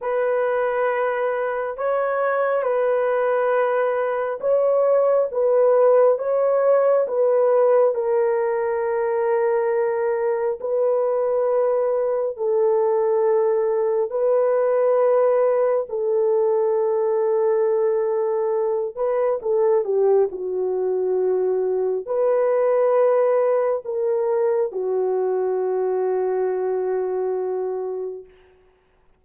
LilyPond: \new Staff \with { instrumentName = "horn" } { \time 4/4 \tempo 4 = 68 b'2 cis''4 b'4~ | b'4 cis''4 b'4 cis''4 | b'4 ais'2. | b'2 a'2 |
b'2 a'2~ | a'4. b'8 a'8 g'8 fis'4~ | fis'4 b'2 ais'4 | fis'1 | }